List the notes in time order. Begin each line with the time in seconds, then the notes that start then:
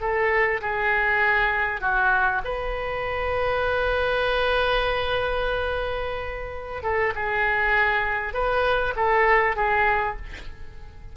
0.00 A4
0.61 G#4
1.80 F#4
2.44 B4
6.82 A4
7.15 G#4
8.33 B4
8.96 A4
9.55 G#4